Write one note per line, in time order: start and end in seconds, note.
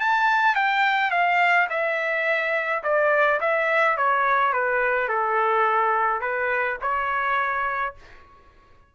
0.00 0.55 A5
0.55 1.11 G5
1.11 1.67 F5
1.70 2.83 E5
2.83 3.40 D5
3.40 3.97 E5
3.97 4.53 C#5
4.53 5.08 B4
5.08 6.21 A4
6.21 6.77 B4
6.82 7.95 C#5